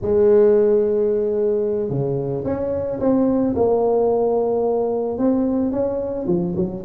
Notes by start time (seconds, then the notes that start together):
0.01 G#3
1.89 C#3
2.44 C#4
3.00 C4
3.55 A#3
5.17 C4
5.71 C#4
6.27 F3
6.56 F#3